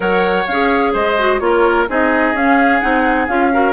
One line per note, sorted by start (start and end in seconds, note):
0.00 0.45 F#3
0.00 0.45 A#4
0.00 0.93 C#5
0.00 0.46 F#5
0.46 0.94 C#4
0.46 1.18 G#4
0.46 0.93 F5
0.93 1.40 G#3
0.93 1.39 C5
0.93 1.39 D#5
1.18 1.40 F#4
1.39 1.87 A#3
1.39 1.87 F4
1.39 1.86 C#5
1.45 1.89 A#4
1.88 2.33 C4
1.88 2.35 D#4
1.88 3.53 G#4
1.88 2.36 D#5
2.33 2.80 C#4
2.33 2.81 C#4
2.33 2.80 F5
2.80 3.28 C4
2.80 3.28 D#4
2.80 3.27 F#5
3.27 3.72 C#4
3.27 3.51 F4
3.27 3.72 F5
3.52 3.72 F#4
3.52 3.72 A#4